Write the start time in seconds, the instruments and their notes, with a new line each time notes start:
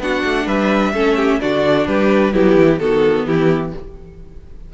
0.00 cello B3, viola D4, violin F#4 F#5
0.25 cello A3
0.46 cello G3, violin B4 E5
0.93 cello A3, viola C#4, violin A4
1.17 violin G4
1.41 cello D3, viola D4, violin F#4 D5
1.87 cello G3, violin G4 B4
2.33 cello F#3, violin B3 G4, viola E4
2.56 cello E3
2.80 cello D#3, viola B3, violin F#4 A4
3.27 cello E3, violin E4 G4